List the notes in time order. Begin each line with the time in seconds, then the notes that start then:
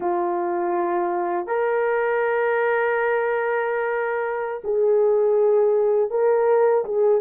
0.00 F4
1.46 A#4
4.64 G#4
6.10 A#4
6.85 G#4